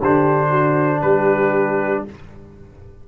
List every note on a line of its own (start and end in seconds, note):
0.00 1.02 D3
0.00 2.07 D4
0.00 0.49 G4
0.00 1.01 C5
0.49 1.00 F#4
1.01 2.04 G3
1.01 2.04 G4
1.01 2.03 B4